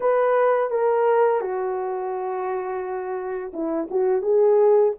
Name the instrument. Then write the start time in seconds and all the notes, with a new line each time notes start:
horn
0.00 B4
0.70 A#4
1.40 F#4
3.53 E4
3.90 F#4
4.22 G#4